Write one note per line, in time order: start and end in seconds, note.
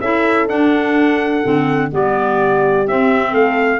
0.00 0.48 C#4
0.00 0.48 E4
0.00 1.90 A4
0.00 0.48 E5
0.48 1.43 D4
0.48 1.91 F#5
1.43 1.92 D3
1.43 1.91 C4
1.91 2.87 G3
1.91 2.86 B3
1.91 3.30 G4
1.91 2.87 D5
2.87 3.79 C4
2.87 3.33 C4
2.87 3.34 E5
3.30 3.79 A3
3.30 3.77 A4
3.30 3.79 F5